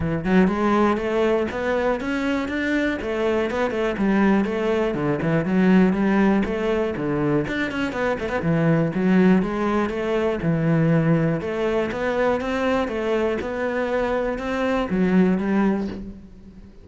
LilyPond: \new Staff \with { instrumentName = "cello" } { \time 4/4 \tempo 4 = 121 e8 fis8 gis4 a4 b4 | cis'4 d'4 a4 b8 a8 | g4 a4 d8 e8 fis4 | g4 a4 d4 d'8 cis'8 |
b8 a16 b16 e4 fis4 gis4 | a4 e2 a4 | b4 c'4 a4 b4~ | b4 c'4 fis4 g4 | }